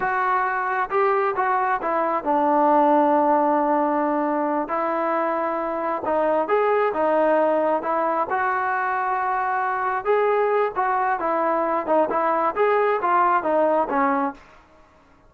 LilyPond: \new Staff \with { instrumentName = "trombone" } { \time 4/4 \tempo 4 = 134 fis'2 g'4 fis'4 | e'4 d'2.~ | d'2~ d'8 e'4.~ | e'4. dis'4 gis'4 dis'8~ |
dis'4. e'4 fis'4.~ | fis'2~ fis'8 gis'4. | fis'4 e'4. dis'8 e'4 | gis'4 f'4 dis'4 cis'4 | }